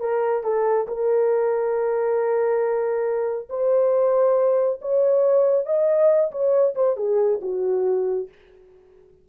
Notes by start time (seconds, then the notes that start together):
0.00 A#4
0.44 A4
0.87 A#4
3.49 C5
4.82 C#5
5.66 D#5
6.31 C#5
6.75 C5
6.97 G#4
7.42 F#4